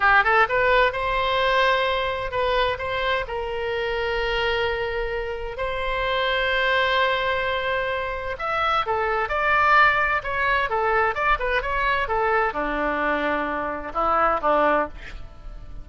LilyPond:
\new Staff \with { instrumentName = "oboe" } { \time 4/4 \tempo 4 = 129 g'8 a'8 b'4 c''2~ | c''4 b'4 c''4 ais'4~ | ais'1 | c''1~ |
c''2 e''4 a'4 | d''2 cis''4 a'4 | d''8 b'8 cis''4 a'4 d'4~ | d'2 e'4 d'4 | }